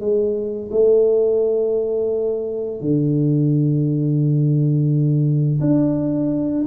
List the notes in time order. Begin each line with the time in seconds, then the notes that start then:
0.00 G#3
0.71 A3
2.81 D3
5.60 D4